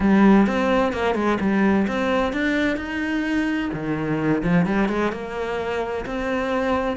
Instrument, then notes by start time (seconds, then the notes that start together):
cello
0.00 G3
0.47 C4
0.93 A#3
1.14 G#3
1.40 G3
1.87 C4
2.32 D4
2.77 D#4
3.73 D#3
4.43 F3
4.65 G3
4.88 G#3
5.12 A#3
6.05 C4